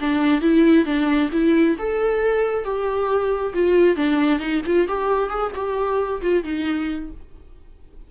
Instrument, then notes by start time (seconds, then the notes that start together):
viola
0.00 D4
0.41 E4
0.85 D4
1.32 E4
1.78 A4
2.64 G4
3.54 F4
3.96 D4
4.39 D#4
4.66 F4
4.87 G4
5.29 G#4
5.55 G4
6.21 F4
6.44 D#4